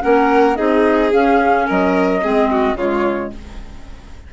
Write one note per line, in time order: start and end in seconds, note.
0.00 0.59 A#3
0.00 0.55 C#4
0.00 0.57 A#4
0.00 0.56 F#5
0.55 1.13 C4
0.55 1.10 D#4
0.55 1.65 G#4
0.55 1.11 D#5
1.13 2.21 C#4
1.13 1.68 C#4
1.13 1.68 F5
1.65 2.25 F#3
1.65 2.21 A#4
1.65 2.77 D#5
2.21 2.74 G#3
2.21 2.76 C4
2.21 2.50 G#4
2.51 2.77 F#4
2.74 3.29 C#3
2.74 3.33 G#3
2.74 3.32 F4
2.74 3.32 C#5